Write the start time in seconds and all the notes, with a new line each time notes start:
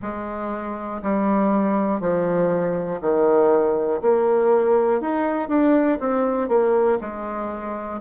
0.02 G#3
1.02 G3
2.00 F3
3.00 D#3
4.01 A#3
5.00 D#4
5.48 D4
6.00 C4
6.48 A#3
7.00 G#3